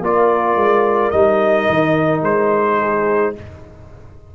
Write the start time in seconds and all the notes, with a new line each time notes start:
0.00 A#3 F4 A#4 D5
0.56 G#3
1.11 G3 D#4 D#5
1.69 D#3
2.22 G#3 C5
2.79 G#4